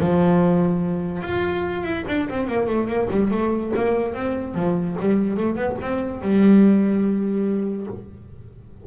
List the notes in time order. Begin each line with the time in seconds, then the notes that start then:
0.00 F3
1.22 F4
1.84 E4
2.08 D4
2.30 C4
2.48 A#3
2.67 A3
2.88 A#3
3.11 G3
3.31 A3
3.76 A#3
4.14 C4
4.55 F3
5.01 G3
5.37 A3
5.56 B3
5.82 C4
6.22 G3